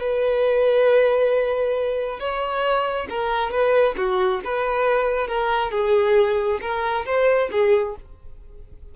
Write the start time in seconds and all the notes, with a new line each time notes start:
0.00 B4
2.20 C#5
3.10 A#4
3.51 B4
3.97 F#4
4.45 B4
5.28 A#4
5.72 G#4
6.61 A#4
7.06 C5
7.52 G#4